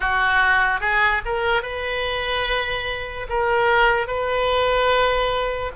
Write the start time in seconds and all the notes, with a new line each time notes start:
0.00 F#4
0.80 G#4
1.25 A#4
1.62 B4
3.29 A#4
4.07 B4